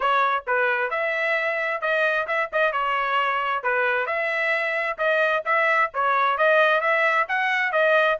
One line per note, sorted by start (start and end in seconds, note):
0.00 0.44 C#5
0.46 0.90 B4
0.90 1.81 E5
1.81 2.26 D#5
2.27 2.49 E5
2.52 2.72 D#5
2.72 3.63 C#5
3.63 4.06 B4
4.06 4.97 E5
4.98 5.43 D#5
5.45 5.90 E5
5.93 6.37 C#5
6.37 6.81 D#5
6.81 7.26 E5
7.28 7.72 F#5
7.72 8.17 D#5